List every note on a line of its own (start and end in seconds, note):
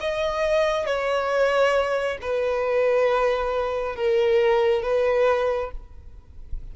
0.00 0.85 D#5
0.85 2.18 C#5
2.21 3.95 B4
3.95 4.82 A#4
4.82 5.71 B4